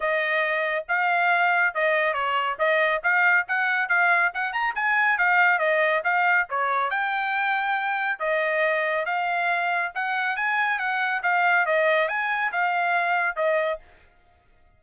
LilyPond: \new Staff \with { instrumentName = "trumpet" } { \time 4/4 \tempo 4 = 139 dis''2 f''2 | dis''4 cis''4 dis''4 f''4 | fis''4 f''4 fis''8 ais''8 gis''4 | f''4 dis''4 f''4 cis''4 |
g''2. dis''4~ | dis''4 f''2 fis''4 | gis''4 fis''4 f''4 dis''4 | gis''4 f''2 dis''4 | }